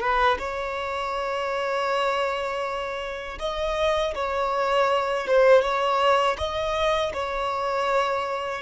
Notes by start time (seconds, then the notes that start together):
0.00 B4
0.38 C#5
3.39 D#5
4.15 C#5
5.27 C5
5.61 C#5
6.38 D#5
7.13 C#5